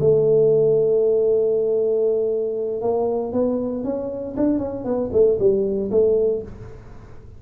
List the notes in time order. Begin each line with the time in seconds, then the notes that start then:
0.00 A3
2.81 A#3
3.33 B3
3.84 C#4
4.37 D4
4.59 C#4
4.85 B3
5.13 A3
5.39 G3
5.91 A3